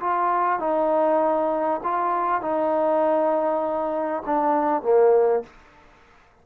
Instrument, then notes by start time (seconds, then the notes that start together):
trombone
0.00 F4
0.59 D#4
1.83 F4
2.41 D#4
4.26 D4
4.82 A#3